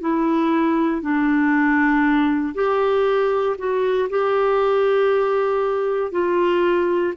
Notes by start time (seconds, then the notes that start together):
0.00 E4
1.01 D4
2.54 G4
3.57 F#4
4.09 G4
6.12 F4